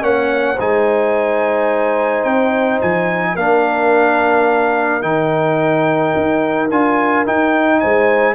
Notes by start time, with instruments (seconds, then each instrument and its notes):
0.00 tuba A#3, trombone C#4, horn C#5, trumpet F#5
0.54 tuba G#3, trombone D#4, horn C5
0.60 trumpet G#5
2.23 tuba C4, trumpet G5
2.81 tuba F3, trumpet G#5
3.34 tuba A#3, trombone D4, horn A#4, trumpet F5
5.02 tuba D#3, trombone D#4, trumpet G5
6.16 tuba D#4
6.70 tuba D4, trombone F4, trumpet G#5
7.25 trombone D#4, tuba D#4, trumpet G5
7.79 tuba G#3, horn C5, trumpet G#5